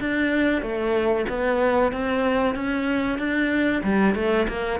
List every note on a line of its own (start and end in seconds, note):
0.00 0.62 D4
0.62 1.26 A3
1.29 1.92 B3
1.92 2.55 C4
2.55 3.19 C#4
3.19 3.82 D4
3.84 4.15 G3
4.15 4.47 A3
4.48 4.80 A#3